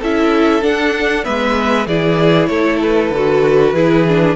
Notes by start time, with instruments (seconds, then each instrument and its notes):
0.00 cello C#4, viola E4, violin A4 E5
0.62 cello D4, viola D4, violin F#5
1.24 cello G#3, viola B3, violin B4 E5
1.87 cello E3, viola E4, violin G#4 D5
2.47 cello A3, violin A4 C#5
2.82 violin B4
3.10 cello D3, viola F#4
3.73 cello E3, viola E4, violin G#4
4.08 viola D4